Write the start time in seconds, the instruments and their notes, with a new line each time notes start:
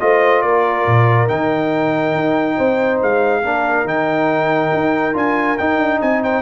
0.00 tuba A3, trombone F4, horn C5, trumpet D#5
0.42 tuba A#3, horn A#4, trumpet D5
0.86 tuba A#2
1.28 tuba D#3, trombone D#4, trumpet G5
2.15 tuba D#4
2.57 tuba C4, horn C5
3.02 tuba G#3, trumpet F5
3.42 tuba A#3, trombone D4, horn A#4
3.84 tuba D#3, trombone D#4, trumpet G5
4.74 tuba D#4
5.13 tuba D4, trombone F4, trumpet G#5
5.57 trombone D#4, tuba D#4, trumpet G5
5.78 tuba D4
5.99 tuba C4, horn D#5, trumpet G#5
6.23 horn C5, trumpet G5